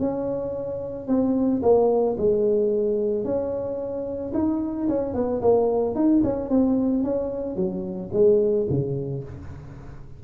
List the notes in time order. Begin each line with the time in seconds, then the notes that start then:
0.00 C#4
1.08 C4
1.63 A#3
2.18 G#3
3.25 C#4
4.34 D#4
4.89 C#4
5.14 B3
5.42 A#3
5.96 D#4
6.24 C#4
6.50 C4
7.04 C#4
7.56 F#3
8.13 G#3
8.70 C#3